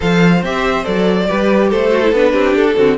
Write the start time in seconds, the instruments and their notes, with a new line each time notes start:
0.00 cello F3, viola A4, violin C5 F5
0.42 cello C4, viola G4, violin E5
0.83 cello F#3, viola A4, violin D5
1.27 cello G3, viola G4, violin B4
1.69 cello A3, violin A4 C5
1.91 viola F#4
2.03 viola E4
2.12 cello B3, viola D4, violin B4
2.33 cello C4, violin G4
2.55 cello D4, violin A4
2.76 cello D3, viola C4, violin F#4